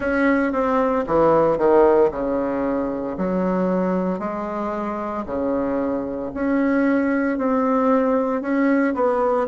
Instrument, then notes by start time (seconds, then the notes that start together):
bassoon
0.00 C#4
0.52 C4
1.06 E3
1.57 D#3
2.11 C#3
3.17 F#3
4.19 G#3
5.25 C#3
6.34 C#4
7.37 C4
8.41 C#4
8.94 B3